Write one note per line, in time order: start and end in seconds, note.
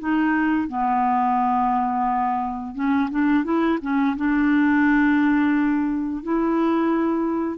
0.00 0.69 D#4
0.69 2.76 B3
2.76 3.10 C#4
3.11 3.45 D4
3.45 3.79 E4
3.82 4.17 C#4
4.17 6.24 D4
6.24 7.59 E4